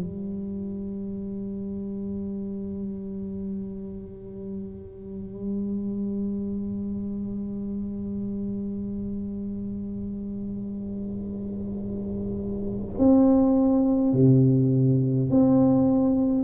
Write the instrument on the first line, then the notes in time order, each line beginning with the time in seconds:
tuba
0.00 G3
12.98 C4
14.12 C3
15.30 C4